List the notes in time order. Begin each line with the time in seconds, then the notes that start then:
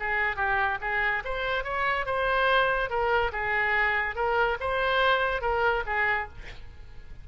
0.00 G#4
0.36 G4
0.81 G#4
1.25 C5
1.64 C#5
2.06 C5
2.90 A#4
3.33 G#4
4.16 A#4
4.60 C5
5.42 A#4
5.86 G#4